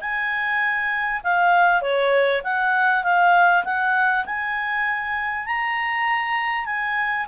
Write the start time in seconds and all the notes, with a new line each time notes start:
0.00 G#5
1.23 F5
1.81 C#5
2.44 F#5
3.03 F5
3.64 F#5
4.25 G#5
5.46 A#5
6.65 G#5